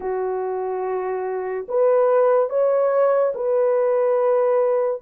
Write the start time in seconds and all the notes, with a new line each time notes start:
0.00 F#4
1.68 B4
2.49 C#5
3.34 B4